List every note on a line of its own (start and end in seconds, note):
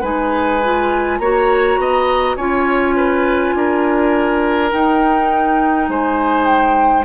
0.00 1.19 G#3
0.00 0.61 D#4
0.00 1.18 B4
0.00 1.18 G#5
0.63 1.21 F4
1.18 1.77 A#3
1.18 2.38 F#4
1.18 1.79 C#5
1.18 2.36 A#5
1.77 2.36 B3
1.77 2.36 D#5
2.36 3.54 C#4
2.36 4.71 F4
2.36 2.95 C#5
2.36 4.71 G#5
2.96 3.54 B4
3.54 4.72 D4
3.54 5.89 A#4
4.71 7.05 D#4
4.71 5.88 D#4
4.71 5.89 G5
5.88 7.05 G#3
5.88 7.05 C5
5.88 6.45 G#5
6.45 7.04 G5